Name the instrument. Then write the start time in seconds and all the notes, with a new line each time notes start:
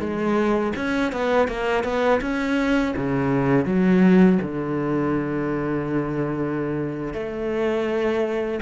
cello
0.00 G#3
0.76 C#4
1.12 B3
1.48 A#3
1.84 B3
2.21 C#4
2.97 C#3
3.66 F#3
4.42 D3
7.13 A3